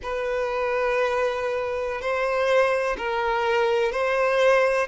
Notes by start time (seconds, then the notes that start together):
0.02 B4
2.01 C5
2.97 A#4
3.92 C5